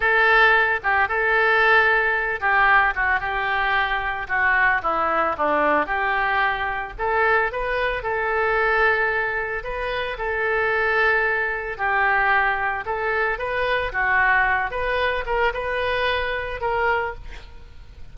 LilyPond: \new Staff \with { instrumentName = "oboe" } { \time 4/4 \tempo 4 = 112 a'4. g'8 a'2~ | a'8 g'4 fis'8 g'2 | fis'4 e'4 d'4 g'4~ | g'4 a'4 b'4 a'4~ |
a'2 b'4 a'4~ | a'2 g'2 | a'4 b'4 fis'4. b'8~ | b'8 ais'8 b'2 ais'4 | }